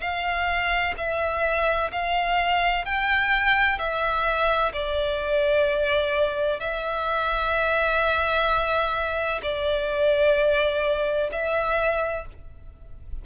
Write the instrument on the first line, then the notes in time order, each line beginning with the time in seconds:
violin
0.00 F5
0.97 E5
1.91 F5
2.85 G5
3.78 E5
4.73 D5
6.60 E5
9.42 D5
11.31 E5